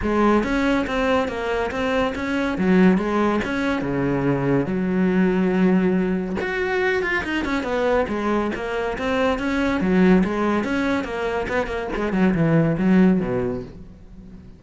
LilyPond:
\new Staff \with { instrumentName = "cello" } { \time 4/4 \tempo 4 = 141 gis4 cis'4 c'4 ais4 | c'4 cis'4 fis4 gis4 | cis'4 cis2 fis4~ | fis2. fis'4~ |
fis'8 f'8 dis'8 cis'8 b4 gis4 | ais4 c'4 cis'4 fis4 | gis4 cis'4 ais4 b8 ais8 | gis8 fis8 e4 fis4 b,4 | }